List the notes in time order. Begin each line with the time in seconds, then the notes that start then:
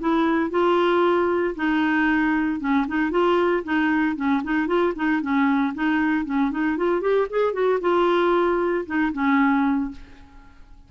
0.00 E4
0.51 F4
1.55 D#4
2.60 C#4
2.88 D#4
3.11 F4
3.64 D#4
4.16 C#4
4.44 D#4
4.67 F4
4.96 D#4
5.22 C#4
5.74 D#4
6.25 C#4
6.51 D#4
6.77 F4
7.01 G4
7.30 G#4
7.53 F#4
7.81 F4
8.86 D#4
9.13 C#4